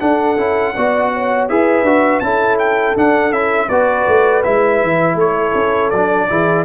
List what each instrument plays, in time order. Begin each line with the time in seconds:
0.00 trombone D4, tuba D4, horn A4, trumpet F#5
0.37 tuba C#4, trombone E4
0.75 tuba B3, trombone F#4, horn D5
1.13 horn C#5
1.49 tuba E4, trombone G#4, horn B4, trumpet E5
1.83 tuba D4, trombone F#4
2.20 tuba C#4, trombone E4, horn A4, trumpet A5
2.59 trumpet G5
2.96 trombone D4, tuba D4, trumpet F#5
3.31 tuba C#4, trombone E4, trumpet E5
3.67 tuba B3, trombone F#4, horn B4, trumpet D5
4.08 tuba A3
4.44 tuba G#3, trombone E4, trumpet E5
4.83 tuba E3
5.15 tuba A3, horn A4, trumpet C#5
5.55 tuba C#4
5.90 tuba F#3, trombone D4, trumpet D5
6.29 tuba E3, trombone E4, horn G#4